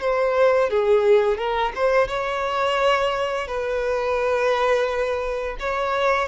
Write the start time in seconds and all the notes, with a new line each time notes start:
0.00 C5
0.70 G#4
1.37 A#4
1.75 C5
2.08 C#5
3.47 B4
5.59 C#5